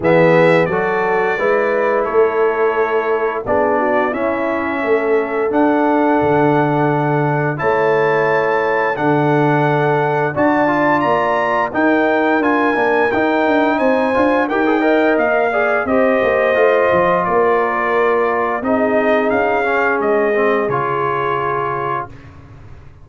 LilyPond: <<
  \new Staff \with { instrumentName = "trumpet" } { \time 4/4 \tempo 4 = 87 e''4 d''2 cis''4~ | cis''4 d''4 e''2 | fis''2. a''4~ | a''4 fis''2 a''4 |
ais''4 g''4 gis''4 g''4 | gis''4 g''4 f''4 dis''4~ | dis''4 d''2 dis''4 | f''4 dis''4 cis''2 | }
  \new Staff \with { instrumentName = "horn" } { \time 4/4 gis'4 a'4 b'4 a'4~ | a'4 gis'8 fis'8 e'4 a'4~ | a'2. cis''4~ | cis''4 a'2 d''4~ |
d''4 ais'2. | c''4 ais'8 dis''4 d''8 c''4~ | c''4 ais'2 gis'4~ | gis'1 | }
  \new Staff \with { instrumentName = "trombone" } { \time 4/4 b4 fis'4 e'2~ | e'4 d'4 cis'2 | d'2. e'4~ | e'4 d'2 fis'8 f'8~ |
f'4 dis'4 f'8 d'8 dis'4~ | dis'8 f'8 g'16 gis'16 ais'4 gis'8 g'4 | f'2. dis'4~ | dis'8 cis'4 c'8 f'2 | }
  \new Staff \with { instrumentName = "tuba" } { \time 4/4 e4 fis4 gis4 a4~ | a4 b4 cis'4 a4 | d'4 d2 a4~ | a4 d2 d'4 |
ais4 dis'4 d'8 ais8 dis'8 d'8 | c'8 d'8 dis'4 ais4 c'8 ais8 | a8 f8 ais2 c'4 | cis'4 gis4 cis2 | }
>>